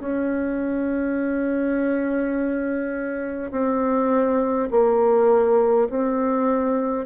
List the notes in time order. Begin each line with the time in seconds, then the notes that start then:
0.00 C#4
3.51 C4
4.71 A#3
5.90 C4